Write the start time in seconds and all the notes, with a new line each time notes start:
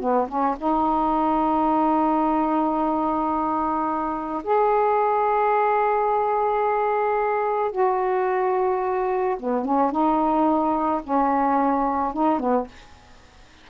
0.00 B3
0.28 C#4
0.58 D#4
4.44 G#4
7.71 F#4
9.39 B3
9.65 C#4
9.91 D#4
11.03 C#4
12.13 D#4
12.40 B3